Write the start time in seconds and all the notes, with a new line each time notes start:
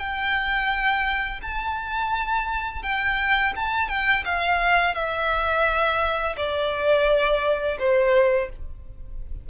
0.00 G5
1.43 A5
2.83 G5
3.56 A5
3.89 G5
4.25 F5
4.95 E5
6.37 D5
7.79 C5